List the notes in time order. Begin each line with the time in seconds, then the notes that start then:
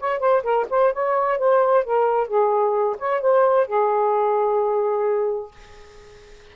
0.00 C#5
0.20 C5
0.43 A#4
0.70 C5
0.93 C#5
1.38 C5
1.84 A#4
2.28 G#4
2.99 C#5
3.21 C5
3.67 G#4